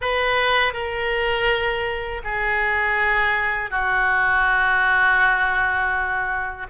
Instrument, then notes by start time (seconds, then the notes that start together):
oboe
0.01 B4
0.73 A#4
2.24 G#4
3.70 F#4